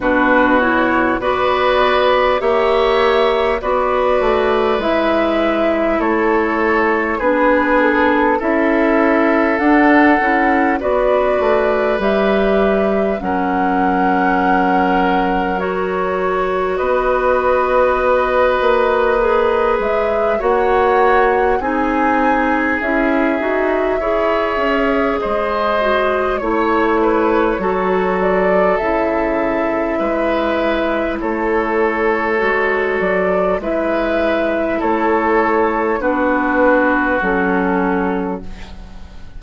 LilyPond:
<<
  \new Staff \with { instrumentName = "flute" } { \time 4/4 \tempo 4 = 50 b'8 cis''8 d''4 e''4 d''4 | e''4 cis''4 b'8 a'8 e''4 | fis''4 d''4 e''4 fis''4~ | fis''4 cis''4 dis''2~ |
dis''8 e''8 fis''4 gis''4 e''4~ | e''4 dis''4 cis''4. d''8 | e''2 cis''4. d''8 | e''4 cis''4 b'4 a'4 | }
  \new Staff \with { instrumentName = "oboe" } { \time 4/4 fis'4 b'4 cis''4 b'4~ | b'4 a'4 gis'4 a'4~ | a'4 b'2 ais'4~ | ais'2 b'2~ |
b'4 cis''4 gis'2 | cis''4 c''4 cis''8 b'8 a'4~ | a'4 b'4 a'2 | b'4 a'4 fis'2 | }
  \new Staff \with { instrumentName = "clarinet" } { \time 4/4 d'8 e'8 fis'4 g'4 fis'4 | e'2 d'4 e'4 | d'8 e'8 fis'4 g'4 cis'4~ | cis'4 fis'2. |
gis'4 fis'4 dis'4 e'8 fis'8 | gis'4. fis'8 e'4 fis'4 | e'2. fis'4 | e'2 d'4 cis'4 | }
  \new Staff \with { instrumentName = "bassoon" } { \time 4/4 b,4 b4 ais4 b8 a8 | gis4 a4 b4 cis'4 | d'8 cis'8 b8 a8 g4 fis4~ | fis2 b4. ais8~ |
ais8 gis8 ais4 c'4 cis'8 dis'8 | e'8 cis'8 gis4 a4 fis4 | cis4 gis4 a4 gis8 fis8 | gis4 a4 b4 fis4 | }
>>